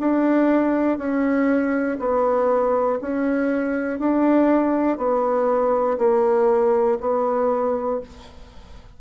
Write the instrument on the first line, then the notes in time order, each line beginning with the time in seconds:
bassoon
0.00 D4
0.98 C#4
2.00 B3
3.01 C#4
4.00 D4
4.98 B3
5.99 A#3
7.01 B3